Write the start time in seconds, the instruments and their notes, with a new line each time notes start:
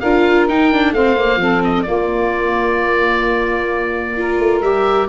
0.00 tuba D4, viola F4, saxophone A#4, oboe F5
0.48 tuba D#4, viola D#4, oboe G5
0.72 viola D4
0.92 tuba A3, viola C4, saxophone C5, oboe F5
1.17 viola A#3
1.36 tuba F3, viola C4, saxophone A4
1.64 oboe D#5
1.83 viola A#3, tuba A#3, saxophone F4, oboe D5
4.17 viola F4, saxophone A#4
4.39 tuba A3
4.62 tuba G3, viola G4, oboe E5